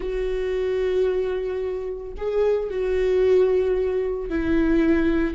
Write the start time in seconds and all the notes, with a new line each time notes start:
0.00 F#4
2.17 G#4
2.70 F#4
4.29 E4